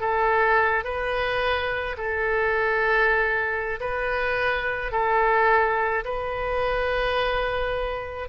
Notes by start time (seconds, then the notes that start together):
0.00 A4
0.84 B4
1.97 A4
3.80 B4
4.92 A4
6.04 B4